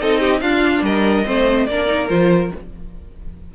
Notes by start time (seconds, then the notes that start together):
0.00 C4 D#4 A4 D#5
0.20 G4
0.41 D4 F4 F5
0.82 G3 A#4 D#5
1.26 A3 C4 C5
1.66 A#3 D4 A#4 D5
1.87 D#4
2.09 F3 F4 C5